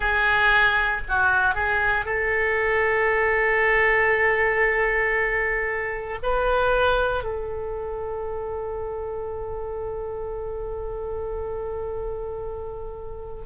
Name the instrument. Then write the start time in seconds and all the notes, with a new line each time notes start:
oboe
0.00 G#4
1.08 F#4
1.55 G#4
2.05 A4
6.23 B4
7.23 A4